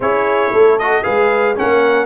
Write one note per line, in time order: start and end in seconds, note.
0.00 0.52 C#4
0.00 0.79 E4
0.00 0.52 G#4
0.00 0.78 C#5
0.52 1.05 A3
0.52 1.04 A4
0.78 1.02 F#4
0.78 1.03 D#5
1.02 1.58 G#3
1.02 1.54 G#4
1.02 1.56 B4
1.02 1.55 F5
1.55 2.05 A#3
1.55 2.05 C#4
1.55 2.05 A#4
1.55 2.05 F#5